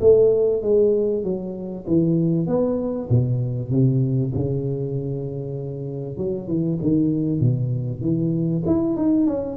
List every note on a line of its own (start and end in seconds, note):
0.00 0.62 A3
0.62 1.23 G#3
1.23 1.85 F#3
1.87 2.46 E3
2.46 3.08 B3
3.09 3.70 B2
3.70 4.32 C3
4.34 6.17 C#3
6.17 6.47 F#3
6.47 6.78 E3
6.81 7.39 D#3
7.39 8.01 B2
8.01 8.63 E3
8.65 8.96 E4
8.96 9.26 D#4
9.26 9.57 C#4